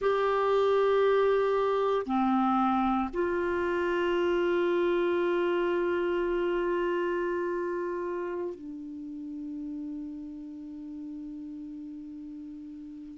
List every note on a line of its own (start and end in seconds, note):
0.00 2.05 G4
2.05 3.09 C4
3.13 8.54 F4
8.54 13.18 D4